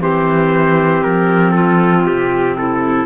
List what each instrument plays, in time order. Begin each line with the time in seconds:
0.00 cello E3, clarinet C4 G4, trumpet C5
1.03 cello F3, trumpet A#4
1.51 clarinet F4, trumpet A4
2.06 cello C3, trumpet G4
2.56 clarinet E4, trumpet A4